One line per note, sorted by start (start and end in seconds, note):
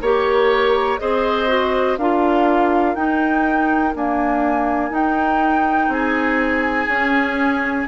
0.00 0.98 A#3
0.00 0.99 G4
0.00 0.99 A#4
0.00 1.00 C#5
0.99 1.97 C4
0.99 1.47 G#4
0.99 1.99 C5
0.99 1.97 D#5
1.47 1.96 F#4
1.97 2.94 D4
1.97 2.95 F4
1.97 5.91 A#4
1.97 2.95 F5
2.94 3.93 D#4
2.94 3.94 D#4
2.94 3.93 G5
3.94 4.90 A#3
3.94 4.90 D4
3.94 4.94 G#5
4.90 5.88 D#4
4.90 6.87 D#4
4.90 5.92 G5
5.88 6.86 C4
5.88 7.87 G#4
5.88 7.87 G#5
6.87 7.85 C#4
6.87 7.87 C#4